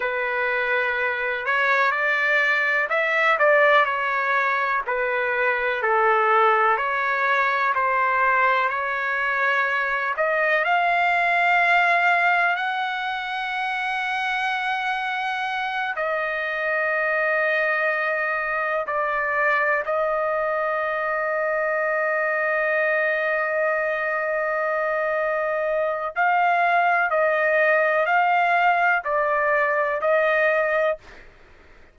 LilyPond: \new Staff \with { instrumentName = "trumpet" } { \time 4/4 \tempo 4 = 62 b'4. cis''8 d''4 e''8 d''8 | cis''4 b'4 a'4 cis''4 | c''4 cis''4. dis''8 f''4~ | f''4 fis''2.~ |
fis''8 dis''2. d''8~ | d''8 dis''2.~ dis''8~ | dis''2. f''4 | dis''4 f''4 d''4 dis''4 | }